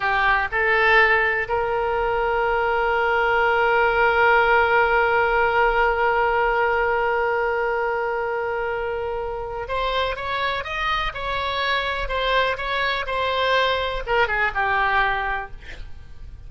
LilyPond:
\new Staff \with { instrumentName = "oboe" } { \time 4/4 \tempo 4 = 124 g'4 a'2 ais'4~ | ais'1~ | ais'1~ | ais'1~ |
ais'1 | c''4 cis''4 dis''4 cis''4~ | cis''4 c''4 cis''4 c''4~ | c''4 ais'8 gis'8 g'2 | }